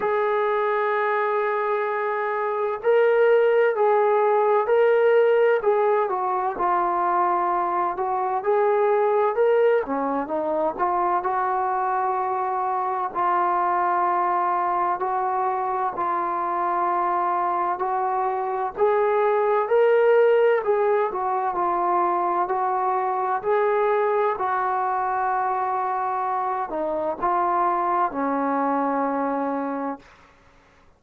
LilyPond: \new Staff \with { instrumentName = "trombone" } { \time 4/4 \tempo 4 = 64 gis'2. ais'4 | gis'4 ais'4 gis'8 fis'8 f'4~ | f'8 fis'8 gis'4 ais'8 cis'8 dis'8 f'8 | fis'2 f'2 |
fis'4 f'2 fis'4 | gis'4 ais'4 gis'8 fis'8 f'4 | fis'4 gis'4 fis'2~ | fis'8 dis'8 f'4 cis'2 | }